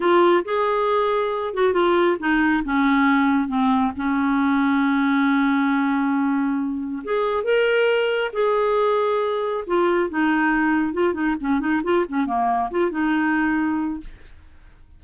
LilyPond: \new Staff \with { instrumentName = "clarinet" } { \time 4/4 \tempo 4 = 137 f'4 gis'2~ gis'8 fis'8 | f'4 dis'4 cis'2 | c'4 cis'2.~ | cis'1 |
gis'4 ais'2 gis'4~ | gis'2 f'4 dis'4~ | dis'4 f'8 dis'8 cis'8 dis'8 f'8 cis'8 | ais4 f'8 dis'2~ dis'8 | }